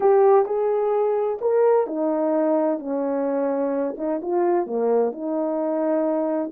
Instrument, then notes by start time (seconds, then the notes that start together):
horn
0.00 G4
0.45 G#4
1.41 A#4
1.86 D#4
2.79 C#4
3.97 D#4
4.22 F4
4.66 A#3
5.11 D#4